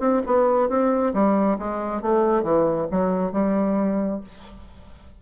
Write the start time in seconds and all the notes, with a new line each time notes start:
0.00 C4
0.26 B3
0.69 C4
1.14 G3
1.59 G#3
2.02 A3
2.43 E3
2.91 F#3
3.32 G3